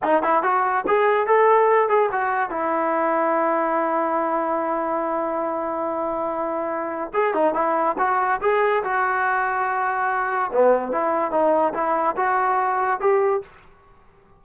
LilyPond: \new Staff \with { instrumentName = "trombone" } { \time 4/4 \tempo 4 = 143 dis'8 e'8 fis'4 gis'4 a'4~ | a'8 gis'8 fis'4 e'2~ | e'1~ | e'1~ |
e'4 gis'8 dis'8 e'4 fis'4 | gis'4 fis'2.~ | fis'4 b4 e'4 dis'4 | e'4 fis'2 g'4 | }